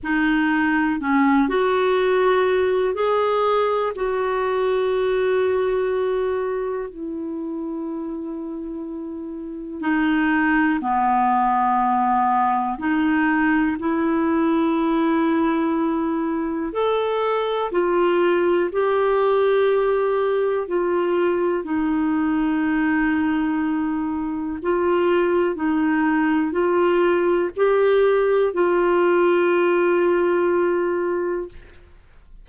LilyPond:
\new Staff \with { instrumentName = "clarinet" } { \time 4/4 \tempo 4 = 61 dis'4 cis'8 fis'4. gis'4 | fis'2. e'4~ | e'2 dis'4 b4~ | b4 dis'4 e'2~ |
e'4 a'4 f'4 g'4~ | g'4 f'4 dis'2~ | dis'4 f'4 dis'4 f'4 | g'4 f'2. | }